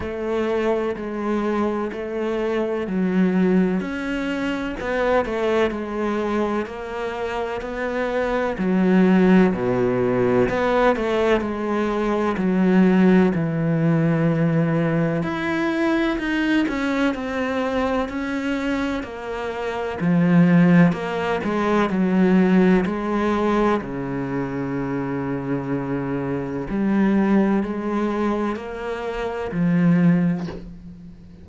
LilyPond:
\new Staff \with { instrumentName = "cello" } { \time 4/4 \tempo 4 = 63 a4 gis4 a4 fis4 | cis'4 b8 a8 gis4 ais4 | b4 fis4 b,4 b8 a8 | gis4 fis4 e2 |
e'4 dis'8 cis'8 c'4 cis'4 | ais4 f4 ais8 gis8 fis4 | gis4 cis2. | g4 gis4 ais4 f4 | }